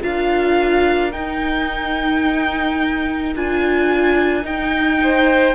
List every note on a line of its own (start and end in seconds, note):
0.00 1.13 D4
0.00 1.11 F4
0.00 5.00 A#4
0.00 1.12 F5
1.12 3.34 D#4
1.12 3.35 D#4
1.12 3.34 G5
3.35 4.44 D4
3.35 4.42 F4
3.35 4.46 G#5
4.42 5.53 D#4
4.42 5.55 D#4
4.42 5.55 G5
5.02 5.55 C5